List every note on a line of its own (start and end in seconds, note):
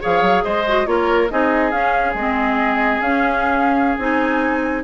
0.00 0.22 F3
0.00 0.64 G#4
0.00 0.44 C#5
0.00 0.44 F5
0.22 0.43 F#3
0.44 0.87 G#3
0.44 0.87 C5
0.44 0.87 D#5
0.67 0.86 F#4
0.86 1.30 A#3
0.86 1.29 F4
0.86 1.32 A#4
0.86 1.29 C#5
1.30 1.72 C4
1.30 1.72 D#4
1.30 4.84 G#4
1.30 1.71 D#5
1.71 2.14 C#4
1.71 2.15 C#4
1.71 2.14 F5
2.14 3.00 G#3
2.14 3.03 C4
2.14 3.01 D#5
3.01 3.97 C#4
3.01 3.99 C#4
3.01 3.97 F5
3.98 4.84 C4
3.98 4.84 D#4
3.98 4.84 G#5